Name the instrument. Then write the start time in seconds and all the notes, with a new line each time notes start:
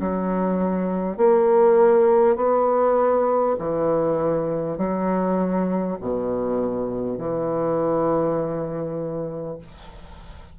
bassoon
0.00 F#3
1.17 A#3
2.36 B3
3.59 E3
4.77 F#3
6.01 B2
7.18 E3